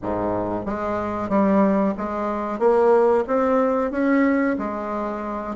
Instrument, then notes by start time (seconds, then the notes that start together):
bassoon
0.02 G#2
0.65 G#3
1.29 G3
1.97 G#3
2.59 A#3
3.27 C4
3.91 C#4
4.58 G#3